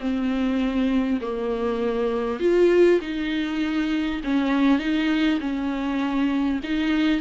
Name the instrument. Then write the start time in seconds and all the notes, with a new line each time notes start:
viola
0.00 C4
1.21 A#3
2.40 F4
3.01 D#4
4.24 C#4
4.79 D#4
5.40 C#4
6.64 D#4